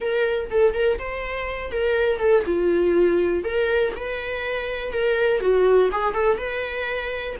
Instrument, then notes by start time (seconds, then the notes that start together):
viola
0.00 A#4
0.50 A4
0.74 A#4
0.98 C5
1.71 A#4
2.19 A4
2.46 F4
3.44 A#4
3.95 B4
4.92 A#4
5.40 F#4
5.92 G#4
6.13 A4
6.37 B4